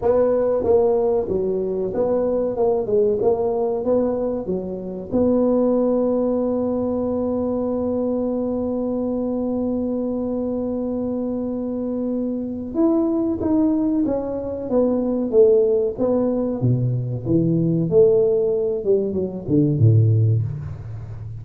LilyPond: \new Staff \with { instrumentName = "tuba" } { \time 4/4 \tempo 4 = 94 b4 ais4 fis4 b4 | ais8 gis8 ais4 b4 fis4 | b1~ | b1~ |
b1 | e'4 dis'4 cis'4 b4 | a4 b4 b,4 e4 | a4. g8 fis8 d8 a,4 | }